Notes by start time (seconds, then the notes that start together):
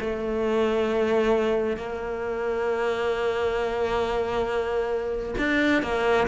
0.00 A3
1.77 A#3
5.38 D4
5.82 A#3